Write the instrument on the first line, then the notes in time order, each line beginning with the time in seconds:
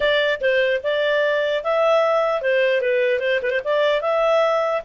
clarinet
0.00 D5
0.40 C5
0.83 D5
1.63 E5
2.41 C5
2.81 B4
3.19 C5
3.42 B4
3.50 C5
3.64 D5
4.01 E5